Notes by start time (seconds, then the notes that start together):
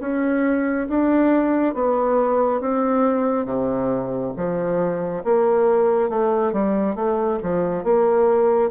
0.00 C#4
0.89 D4
1.74 B3
2.60 C4
3.45 C3
4.37 F3
5.24 A#3
6.09 A3
6.53 G3
6.95 A3
7.43 F3
7.84 A#3